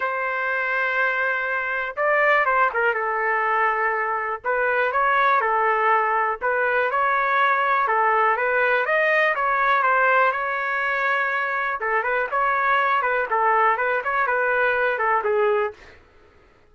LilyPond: \new Staff \with { instrumentName = "trumpet" } { \time 4/4 \tempo 4 = 122 c''1 | d''4 c''8 ais'8 a'2~ | a'4 b'4 cis''4 a'4~ | a'4 b'4 cis''2 |
a'4 b'4 dis''4 cis''4 | c''4 cis''2. | a'8 b'8 cis''4. b'8 a'4 | b'8 cis''8 b'4. a'8 gis'4 | }